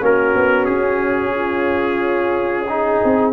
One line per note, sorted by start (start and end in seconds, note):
0.00 0.35 A#3
0.00 2.67 C#4
0.00 1.35 F#4
0.00 0.65 A#4
0.35 0.67 B3
0.65 3.00 C#4
0.65 3.32 G#4
1.36 2.69 F4
2.69 3.33 D#4
2.69 3.33 G#4
3.04 3.33 C4